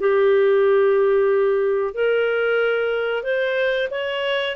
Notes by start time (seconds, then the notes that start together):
0.00 G4
1.94 A#4
3.23 C5
3.91 C#5